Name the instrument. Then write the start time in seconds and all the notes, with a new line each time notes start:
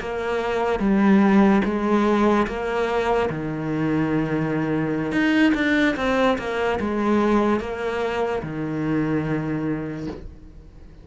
cello
0.00 A#3
0.80 G3
1.65 G#3
2.47 A#3
3.30 D#3
5.12 D#4
5.55 D4
5.97 C4
6.38 A#3
6.80 G#3
7.60 A#3
8.43 D#3